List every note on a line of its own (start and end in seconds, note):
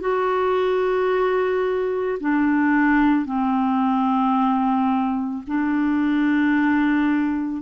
0.00 2.18 F#4
2.20 3.25 D4
3.25 5.43 C4
5.47 7.62 D4